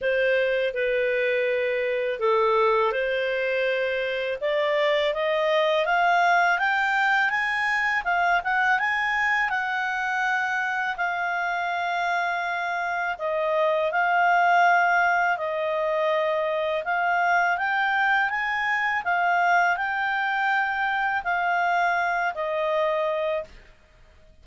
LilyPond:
\new Staff \with { instrumentName = "clarinet" } { \time 4/4 \tempo 4 = 82 c''4 b'2 a'4 | c''2 d''4 dis''4 | f''4 g''4 gis''4 f''8 fis''8 | gis''4 fis''2 f''4~ |
f''2 dis''4 f''4~ | f''4 dis''2 f''4 | g''4 gis''4 f''4 g''4~ | g''4 f''4. dis''4. | }